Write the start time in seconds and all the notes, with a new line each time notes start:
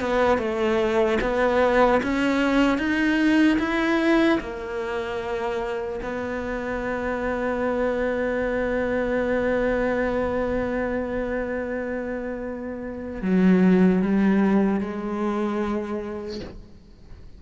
0.00 B3
0.38 A3
1.21 B3
2.02 C#4
2.77 D#4
3.58 E4
4.40 A#3
6.02 B3
13.22 F#3
14.01 G3
14.80 G#3